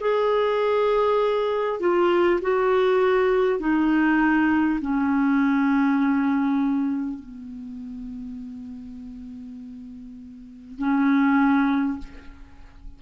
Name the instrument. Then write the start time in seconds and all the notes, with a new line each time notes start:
clarinet
0.00 G#4
1.80 F4
2.41 F#4
3.59 D#4
4.81 C#4
7.19 B3
10.78 C#4